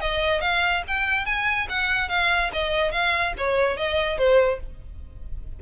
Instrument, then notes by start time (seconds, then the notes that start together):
violin
0.00 D#5
0.41 F5
0.87 G5
1.25 G#5
1.69 F#5
2.09 F5
2.52 D#5
2.91 F5
3.37 C#5
3.76 D#5
4.18 C5